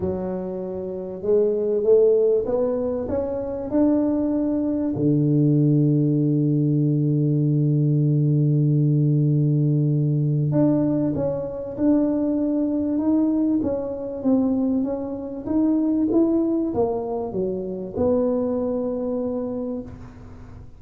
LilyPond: \new Staff \with { instrumentName = "tuba" } { \time 4/4 \tempo 4 = 97 fis2 gis4 a4 | b4 cis'4 d'2 | d1~ | d1~ |
d4 d'4 cis'4 d'4~ | d'4 dis'4 cis'4 c'4 | cis'4 dis'4 e'4 ais4 | fis4 b2. | }